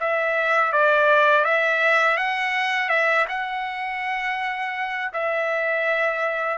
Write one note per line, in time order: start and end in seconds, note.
0.00 0.73 E5
0.73 1.44 D5
1.44 2.17 E5
2.17 2.89 F#5
2.89 3.26 E5
3.28 5.11 F#5
5.13 6.58 E5